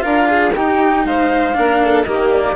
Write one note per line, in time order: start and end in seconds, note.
0.00 0.54 D4
0.00 0.50 F4
0.00 0.28 A#4
0.00 0.53 F5
0.29 0.54 G#4
0.54 1.05 D#4
0.54 1.54 D#4
0.54 1.05 G4
0.54 1.06 G5
1.05 1.55 G#3
1.05 1.57 C5
1.05 2.03 F5
1.54 2.06 A#3
1.54 2.04 D4
1.54 1.83 A#4
1.84 2.08 A4
2.03 2.56 D#3
2.03 2.56 A#3
2.03 2.56 G4
2.03 2.29 D#5
2.31 2.56 D5